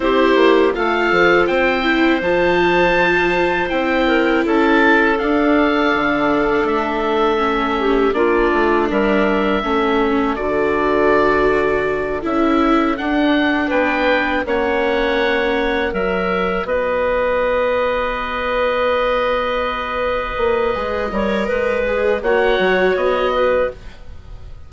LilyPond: <<
  \new Staff \with { instrumentName = "oboe" } { \time 4/4 \tempo 4 = 81 c''4 f''4 g''4 a''4~ | a''4 g''4 a''4 f''4~ | f''4 e''2 d''4 | e''2 d''2~ |
d''8 e''4 fis''4 g''4 fis''8~ | fis''4. e''4 dis''4.~ | dis''1~ | dis''2 fis''4 dis''4 | }
  \new Staff \with { instrumentName = "clarinet" } { \time 4/4 g'4 a'4 c''2~ | c''4. ais'8 a'2~ | a'2~ a'8 g'8 f'4 | ais'4 a'2.~ |
a'2~ a'8 b'4 cis''8~ | cis''4. ais'4 b'4.~ | b'1~ | b'8 cis''8 b'4 cis''4. b'8 | }
  \new Staff \with { instrumentName = "viola" } { \time 4/4 e'4 f'4. e'8 f'4~ | f'4 e'2 d'4~ | d'2 cis'4 d'4~ | d'4 cis'4 fis'2~ |
fis'8 e'4 d'2 cis'8~ | cis'4. fis'2~ fis'8~ | fis'1 | gis'8 ais'4 gis'8 fis'2 | }
  \new Staff \with { instrumentName = "bassoon" } { \time 4/4 c'8 ais8 a8 f8 c'4 f4~ | f4 c'4 cis'4 d'4 | d4 a2 ais8 a8 | g4 a4 d2~ |
d8 cis'4 d'4 b4 ais8~ | ais4. fis4 b4.~ | b2.~ b8 ais8 | gis8 g8 gis4 ais8 fis8 b4 | }
>>